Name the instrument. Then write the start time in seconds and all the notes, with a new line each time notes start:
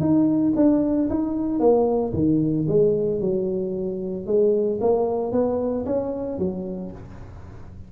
tuba
0.00 D#4
0.56 D4
1.09 D#4
1.60 A#3
2.13 D#3
2.68 G#3
3.21 F#3
4.26 G#3
4.81 A#3
5.32 B3
5.86 C#4
6.38 F#3